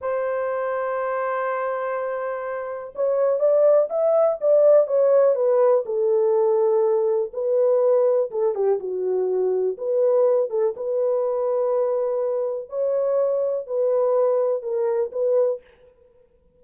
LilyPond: \new Staff \with { instrumentName = "horn" } { \time 4/4 \tempo 4 = 123 c''1~ | c''2 cis''4 d''4 | e''4 d''4 cis''4 b'4 | a'2. b'4~ |
b'4 a'8 g'8 fis'2 | b'4. a'8 b'2~ | b'2 cis''2 | b'2 ais'4 b'4 | }